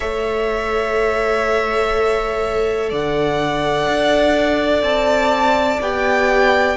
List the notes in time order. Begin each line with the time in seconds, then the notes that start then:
0.00 A3 A4 C#5 E5
2.90 D3 D5 F#5
3.87 D4
4.82 C4 A5
5.80 B3 G4 G5